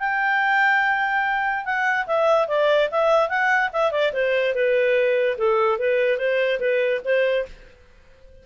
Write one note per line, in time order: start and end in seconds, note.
0.00 1.66 G5
1.66 2.07 F#5
2.07 2.48 E5
2.48 2.90 D5
2.92 3.30 E5
3.30 3.71 F#5
3.73 3.92 E5
3.92 4.13 D5
4.14 4.55 C5
4.55 5.38 B4
5.38 5.79 A4
5.79 6.18 B4
6.18 6.60 C5
6.60 7.02 B4
7.05 7.47 C5